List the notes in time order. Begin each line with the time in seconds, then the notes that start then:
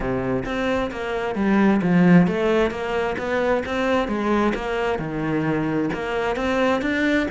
0.00 C3
0.45 C4
0.91 A#3
1.35 G3
1.81 F3
2.27 A3
2.70 A#3
3.17 B3
3.65 C4
4.07 G#3
4.55 A#3
4.98 D#3
5.93 A#3
6.36 C4
6.81 D4